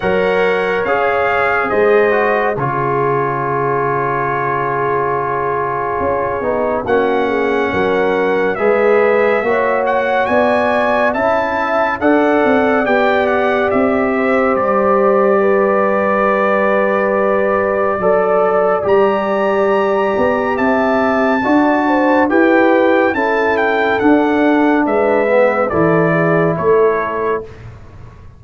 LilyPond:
<<
  \new Staff \with { instrumentName = "trumpet" } { \time 4/4 \tempo 4 = 70 fis''4 f''4 dis''4 cis''4~ | cis''1 | fis''2 e''4. fis''8 | gis''4 a''4 fis''4 g''8 fis''8 |
e''4 d''2.~ | d''2 ais''2 | a''2 g''4 a''8 g''8 | fis''4 e''4 d''4 cis''4 | }
  \new Staff \with { instrumentName = "horn" } { \time 4/4 cis''2 c''4 gis'4~ | gis'1 | fis'8 gis'8 ais'4 b'4 cis''4 | d''4 e''4 d''2~ |
d''8 c''4. b'2~ | b'4 d''2. | e''4 d''8 c''8 b'4 a'4~ | a'4 b'4 a'8 gis'8 a'4 | }
  \new Staff \with { instrumentName = "trombone" } { \time 4/4 ais'4 gis'4. fis'8 f'4~ | f'2.~ f'8 dis'8 | cis'2 gis'4 fis'4~ | fis'4 e'4 a'4 g'4~ |
g'1~ | g'4 a'4 g'2~ | g'4 fis'4 g'4 e'4 | d'4. b8 e'2 | }
  \new Staff \with { instrumentName = "tuba" } { \time 4/4 fis4 cis'4 gis4 cis4~ | cis2. cis'8 b8 | ais4 fis4 gis4 ais4 | b4 cis'4 d'8 c'8 b4 |
c'4 g2.~ | g4 fis4 g4. b8 | c'4 d'4 e'4 cis'4 | d'4 gis4 e4 a4 | }
>>